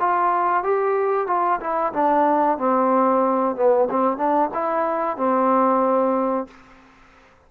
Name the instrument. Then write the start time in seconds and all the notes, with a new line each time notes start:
trombone
0.00 F4
0.63 G4
1.27 F4
1.60 E4
1.93 D4
2.58 C4
3.56 B3
3.90 C4
4.18 D4
4.54 E4
5.17 C4